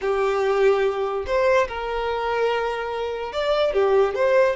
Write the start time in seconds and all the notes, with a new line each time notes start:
0.01 G4
1.26 C5
1.68 A#4
3.32 D5
3.73 G4
4.15 C5